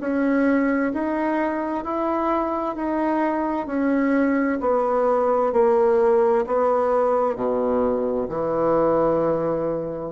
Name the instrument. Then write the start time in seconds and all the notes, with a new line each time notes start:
bassoon
0.00 C#4
0.94 D#4
1.84 E4
2.75 D#4
3.67 C#4
4.60 B3
5.53 A#3
6.47 B3
7.36 B2
8.29 E3